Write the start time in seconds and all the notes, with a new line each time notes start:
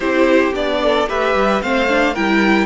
0.00 C4 E4 G4 C5
0.54 B3 D4 D5
0.82 A4
1.07 A3 G4 B4 E5
1.34 G3
1.61 A3 C4 C5 F5
1.88 D4
2.13 G3 E4 A#4 G5